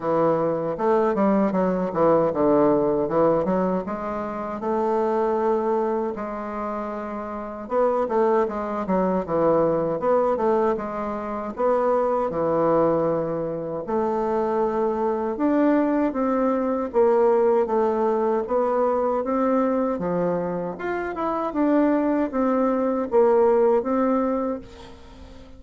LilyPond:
\new Staff \with { instrumentName = "bassoon" } { \time 4/4 \tempo 4 = 78 e4 a8 g8 fis8 e8 d4 | e8 fis8 gis4 a2 | gis2 b8 a8 gis8 fis8 | e4 b8 a8 gis4 b4 |
e2 a2 | d'4 c'4 ais4 a4 | b4 c'4 f4 f'8 e'8 | d'4 c'4 ais4 c'4 | }